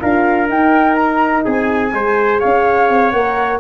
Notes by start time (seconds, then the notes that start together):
0.00 D4 F4 A#4 F5
0.47 D#4 G5
0.95 A#5
1.45 C4 G#4 G#5
1.93 G#3 G#4 C5
2.40 C#4 C#5 F5
2.90 C4
3.11 A#3 A#4 F#5